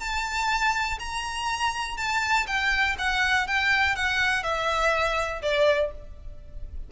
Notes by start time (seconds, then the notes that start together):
0.00 A5
0.99 A#5
1.97 A5
2.47 G5
2.98 F#5
3.47 G5
3.96 F#5
4.43 E5
5.42 D5